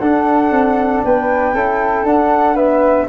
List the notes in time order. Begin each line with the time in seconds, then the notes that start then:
0.00 D4 A4 F#5
0.51 C4
1.04 B3 B4 G5
1.54 C#4 E4 A4
2.04 D4 F#5
2.55 B3 B4 E5